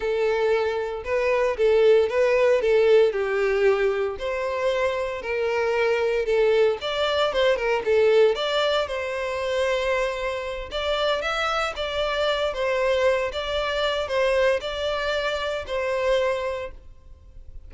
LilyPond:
\new Staff \with { instrumentName = "violin" } { \time 4/4 \tempo 4 = 115 a'2 b'4 a'4 | b'4 a'4 g'2 | c''2 ais'2 | a'4 d''4 c''8 ais'8 a'4 |
d''4 c''2.~ | c''8 d''4 e''4 d''4. | c''4. d''4. c''4 | d''2 c''2 | }